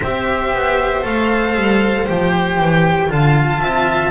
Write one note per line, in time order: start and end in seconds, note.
0.00 0.53 C4
0.00 1.02 G4
0.00 3.07 C5
0.00 1.05 E5
0.53 1.05 B3
1.02 1.55 A3
1.02 2.05 A4
1.02 2.08 F5
1.55 2.07 G3
2.06 2.60 F3
2.06 3.08 G4
2.06 3.11 G5
2.60 3.10 E3
3.08 3.61 D3
3.08 4.11 F4
3.08 3.61 F5
3.08 4.11 A5
3.61 4.11 C4
3.61 4.11 E5